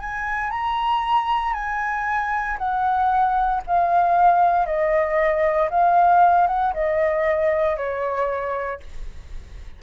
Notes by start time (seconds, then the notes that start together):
0.00 G#5
0.50 A#5
1.54 G#5
2.58 F#5
3.67 F5
4.66 D#5
5.70 F5
6.47 F#5
6.73 D#5
7.77 C#5